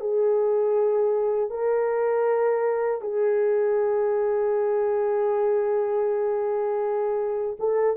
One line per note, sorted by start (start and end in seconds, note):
0.00 1.50 G#4
1.50 3.01 A#4
3.01 7.57 G#4
7.59 7.96 A4